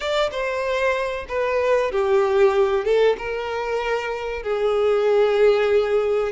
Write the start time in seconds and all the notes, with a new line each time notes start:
0.00 D5
0.31 C5
1.28 B4
1.91 G4
2.84 A4
3.18 A#4
4.42 G#4